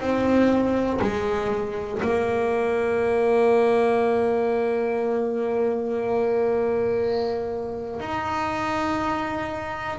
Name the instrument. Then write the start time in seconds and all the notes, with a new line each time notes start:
double bass
0.00 C4
1.01 G#3
2.02 A#3
8.00 D#4